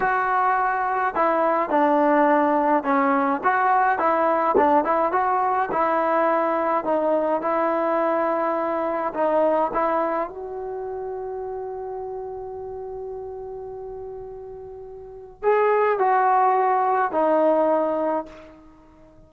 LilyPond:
\new Staff \with { instrumentName = "trombone" } { \time 4/4 \tempo 4 = 105 fis'2 e'4 d'4~ | d'4 cis'4 fis'4 e'4 | d'8 e'8 fis'4 e'2 | dis'4 e'2. |
dis'4 e'4 fis'2~ | fis'1~ | fis'2. gis'4 | fis'2 dis'2 | }